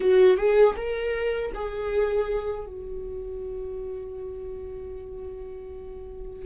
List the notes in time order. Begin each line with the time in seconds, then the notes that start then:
0.00 F#4
0.37 G#4
0.76 A#4
1.54 G#4
2.66 F#4